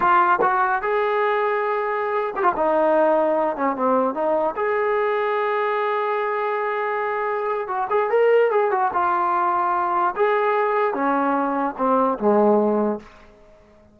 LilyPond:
\new Staff \with { instrumentName = "trombone" } { \time 4/4 \tempo 4 = 148 f'4 fis'4 gis'2~ | gis'4.~ gis'16 g'16 f'16 dis'4.~ dis'16~ | dis'8. cis'8 c'4 dis'4 gis'8.~ | gis'1~ |
gis'2. fis'8 gis'8 | ais'4 gis'8 fis'8 f'2~ | f'4 gis'2 cis'4~ | cis'4 c'4 gis2 | }